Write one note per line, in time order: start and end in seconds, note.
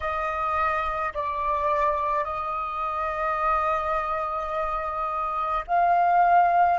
0.00 1.13 D#5
1.14 2.24 D5
2.24 5.63 D#5
5.67 6.79 F5